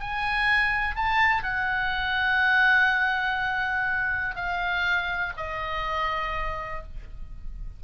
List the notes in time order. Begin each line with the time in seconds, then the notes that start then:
0.00 G#5
0.96 A5
1.43 F#5
4.35 F5
5.37 D#5